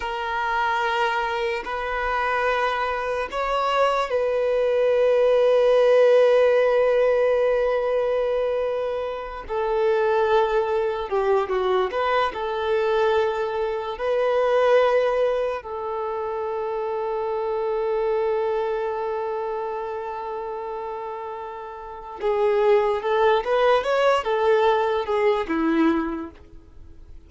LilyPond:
\new Staff \with { instrumentName = "violin" } { \time 4/4 \tempo 4 = 73 ais'2 b'2 | cis''4 b'2.~ | b'2.~ b'8 a'8~ | a'4. g'8 fis'8 b'8 a'4~ |
a'4 b'2 a'4~ | a'1~ | a'2. gis'4 | a'8 b'8 cis''8 a'4 gis'8 e'4 | }